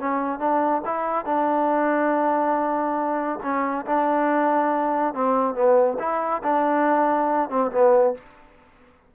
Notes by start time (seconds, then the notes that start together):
0.00 C#4
0.39 D4
0.85 E4
1.25 D4
3.43 C#4
3.86 D4
5.14 C4
5.55 B3
5.99 E4
6.44 D4
7.50 C4
7.72 B3